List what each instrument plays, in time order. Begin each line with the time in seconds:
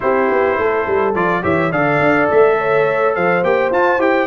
0.00 tuba C4, trombone E4, horn G4, trumpet C5
0.31 tuba B3
0.57 tuba A3, horn A4
0.87 tuba G3
1.14 tuba F3, trombone F4, trumpet D5
1.42 tuba E3, trombone G4, horn C#5, trumpet E5
1.71 tuba D3, trombone A4, horn D5, trumpet F5
1.99 tuba D4
2.30 tuba A3, trumpet E5
2.58 horn C#5
3.15 tuba F3, horn C5, trumpet F5
3.43 tuba A#3, trombone G4, trumpet G5
3.70 tuba F4, trombone F4, trumpet A5
3.98 tuba E4, trombone G4, trumpet G5